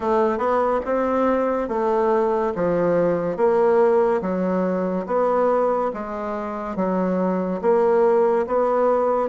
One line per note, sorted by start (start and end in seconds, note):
0.00 0.38 A3
0.38 0.80 B3
0.85 1.68 C4
1.68 2.53 A3
2.55 3.36 F3
3.36 4.21 A#3
4.21 5.06 F#3
5.06 5.91 B3
5.93 6.76 G#3
6.76 7.60 F#3
7.61 8.45 A#3
8.47 9.28 B3